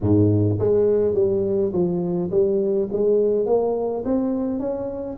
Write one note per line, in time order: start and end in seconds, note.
0.00 0.58 G#2
0.59 1.14 G#3
1.14 1.72 G3
1.72 2.30 F3
2.30 2.88 G3
2.92 3.46 G#3
3.46 4.04 A#3
4.04 4.59 C4
4.59 5.17 C#4